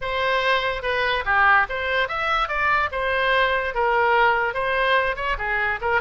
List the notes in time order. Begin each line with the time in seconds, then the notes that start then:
0.01 C5
0.82 B4
1.25 G4
1.69 C5
2.08 E5
2.48 D5
2.91 C5
3.74 A#4
4.54 C5
5.16 C#5
5.38 G#4
5.81 A#4